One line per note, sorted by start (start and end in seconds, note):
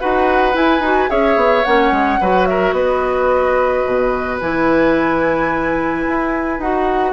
0.00 0.56 D#4
0.00 0.53 F#4
0.00 1.10 B4
0.00 0.56 F#5
0.53 0.81 E4
0.53 0.80 E4
0.53 1.10 G#5
0.80 1.07 D#4
0.80 1.08 F#4
1.08 1.36 C#4
1.08 1.63 G#4
1.08 2.20 C#5
1.08 1.64 E5
1.36 1.64 B3
1.64 1.91 A#3
1.64 2.21 C#4
1.64 2.46 F#5
1.91 2.19 G#3
2.21 2.73 F#3
2.21 4.41 F#4
2.21 2.48 B4
2.46 2.75 A#4
2.46 2.74 E5
2.73 3.83 B3
2.73 7.13 B4
2.73 4.39 D#5
3.86 4.41 B2
4.41 6.06 E3
4.41 6.61 E4
4.41 6.61 G#5
6.08 6.59 E4
6.59 7.13 D#4
6.59 7.13 F#4
6.59 7.13 F#5